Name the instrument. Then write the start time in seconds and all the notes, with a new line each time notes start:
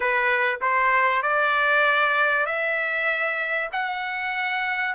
trumpet
0.00 B4
0.61 C5
1.22 D5
2.46 E5
3.72 F#5